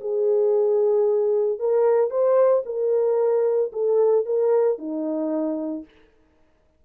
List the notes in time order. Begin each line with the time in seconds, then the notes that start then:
0.00 G#4
1.59 A#4
2.10 C5
2.65 A#4
3.72 A4
4.26 A#4
4.78 D#4